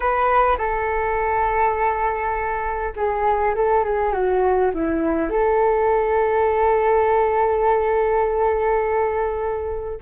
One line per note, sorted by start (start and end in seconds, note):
0.00 0.57 B4
0.57 2.93 A4
2.96 3.55 G#4
3.55 3.84 A4
3.84 4.12 G#4
4.12 4.71 F#4
4.74 5.29 E4
5.29 10.00 A4